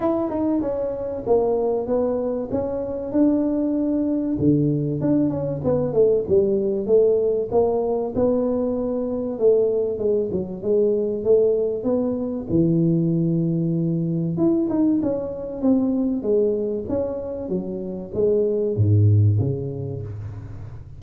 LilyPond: \new Staff \with { instrumentName = "tuba" } { \time 4/4 \tempo 4 = 96 e'8 dis'8 cis'4 ais4 b4 | cis'4 d'2 d4 | d'8 cis'8 b8 a8 g4 a4 | ais4 b2 a4 |
gis8 fis8 gis4 a4 b4 | e2. e'8 dis'8 | cis'4 c'4 gis4 cis'4 | fis4 gis4 gis,4 cis4 | }